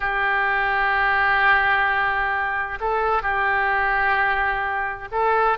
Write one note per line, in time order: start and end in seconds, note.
0.00 2.78 G4
2.80 3.22 A4
3.22 5.08 G4
5.11 5.58 A4